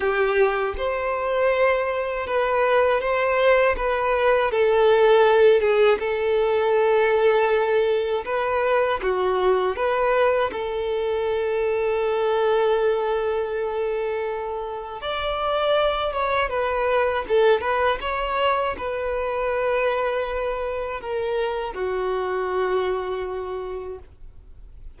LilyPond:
\new Staff \with { instrumentName = "violin" } { \time 4/4 \tempo 4 = 80 g'4 c''2 b'4 | c''4 b'4 a'4. gis'8 | a'2. b'4 | fis'4 b'4 a'2~ |
a'1 | d''4. cis''8 b'4 a'8 b'8 | cis''4 b'2. | ais'4 fis'2. | }